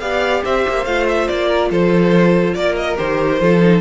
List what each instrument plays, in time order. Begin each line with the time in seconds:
0.00 cello B3, viola G4, violin D5 F5
0.44 cello C4, violin C5 E5
0.68 cello A#3
0.84 cello A3, viola F4, violin F5
1.08 violin E5
1.27 cello A#3, violin D5
1.47 violin A#4
1.70 cello F3, violin A4 C5
2.54 cello A#3, violin A#4 D5
2.75 violin D#5
2.96 cello D#3, viola G4, violin C5
3.39 cello F3, viola F4, violin A4
3.60 viola D#4